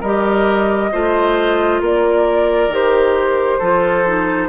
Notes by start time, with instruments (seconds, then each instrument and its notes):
0.00 bassoon G3, clarinet G4, oboe A#4, flute D#5
0.92 bassoon A3, clarinet F4, oboe C5
1.81 bassoon A#3, oboe A#4, flute D5
2.68 bassoon D#3, clarinet G4
2.74 flute C5
3.59 bassoon F3, clarinet F4, oboe A4
4.06 clarinet D#4